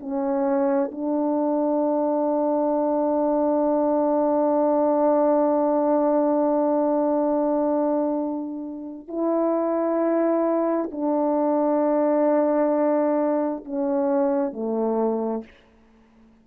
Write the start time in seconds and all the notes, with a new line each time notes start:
0.00 C#4
0.91 D4
9.08 E4
10.91 D4
13.64 C#4
14.53 A3